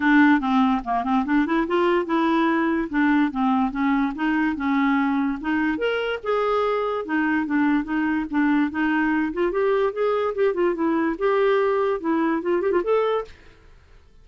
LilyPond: \new Staff \with { instrumentName = "clarinet" } { \time 4/4 \tempo 4 = 145 d'4 c'4 ais8 c'8 d'8 e'8 | f'4 e'2 d'4 | c'4 cis'4 dis'4 cis'4~ | cis'4 dis'4 ais'4 gis'4~ |
gis'4 dis'4 d'4 dis'4 | d'4 dis'4. f'8 g'4 | gis'4 g'8 f'8 e'4 g'4~ | g'4 e'4 f'8 g'16 f'16 a'4 | }